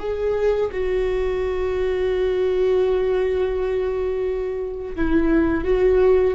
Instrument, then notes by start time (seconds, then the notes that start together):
viola
0.00 G#4
0.73 F#4
4.96 E4
5.65 F#4